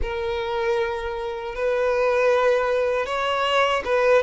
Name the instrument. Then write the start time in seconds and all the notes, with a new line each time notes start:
violin
0.01 A#4
1.55 B4
3.06 C#5
3.84 B4